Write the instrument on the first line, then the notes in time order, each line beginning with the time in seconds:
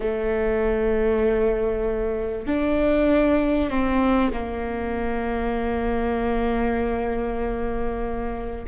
viola
0.00 A3
2.47 D4
3.69 C4
4.32 A#3